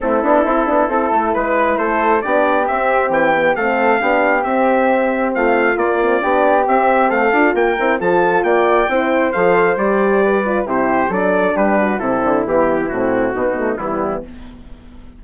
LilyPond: <<
  \new Staff \with { instrumentName = "trumpet" } { \time 4/4 \tempo 4 = 135 a'2. b'4 | c''4 d''4 e''4 g''4 | f''2 e''2 | f''4 d''2 e''4 |
f''4 g''4 a''4 g''4~ | g''4 f''4 d''2 | c''4 d''4 b'4 a'4 | g'4 fis'2 e'4 | }
  \new Staff \with { instrumentName = "flute" } { \time 4/4 e'2 a'4 b'4 | a'4 g'2. | a'4 g'2. | f'2 g'2 |
a'4 ais'4 a'4 d''4 | c''2. b'4 | g'4 a'4 g'8 fis'8 e'4~ | e'2 dis'4 b4 | }
  \new Staff \with { instrumentName = "horn" } { \time 4/4 c'8 d'8 e'8 d'8 e'2~ | e'4 d'4 c'4. b8 | c'4 d'4 c'2~ | c'4 ais8 c'8 d'4 c'4~ |
c'8 f'4 e'8 f'2 | e'4 a'4 g'4. f'8 | e'4 d'2 c'4 | b4 c'4 b8 a8 g4 | }
  \new Staff \with { instrumentName = "bassoon" } { \time 4/4 a8 b8 c'8 b8 c'8 a8 gis4 | a4 b4 c'4 e4 | a4 b4 c'2 | a4 ais4 b4 c'4 |
a8 d'8 ais8 c'8 f4 ais4 | c'4 f4 g2 | c4 fis4 g4 c8 d8 | e4 a,4 b,4 e4 | }
>>